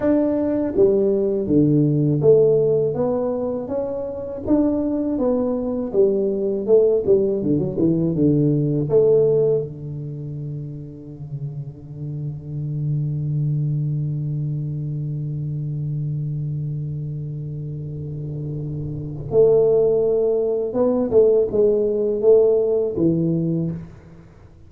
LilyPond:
\new Staff \with { instrumentName = "tuba" } { \time 4/4 \tempo 4 = 81 d'4 g4 d4 a4 | b4 cis'4 d'4 b4 | g4 a8 g8 d16 fis16 e8 d4 | a4 d2.~ |
d1~ | d1~ | d2 a2 | b8 a8 gis4 a4 e4 | }